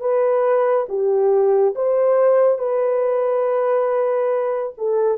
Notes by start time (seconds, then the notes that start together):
0.00 B4
0.88 G4
1.75 C5
2.58 B4
4.77 A4